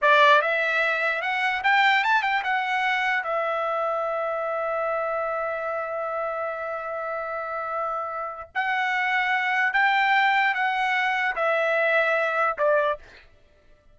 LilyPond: \new Staff \with { instrumentName = "trumpet" } { \time 4/4 \tempo 4 = 148 d''4 e''2 fis''4 | g''4 a''8 g''8 fis''2 | e''1~ | e''1~ |
e''1~ | e''4 fis''2. | g''2 fis''2 | e''2. d''4 | }